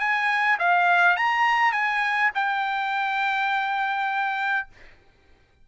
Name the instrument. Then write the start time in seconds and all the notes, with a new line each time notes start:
trumpet
0.00 G#5
0.59 F5
1.17 A#5
1.72 G#5
2.35 G5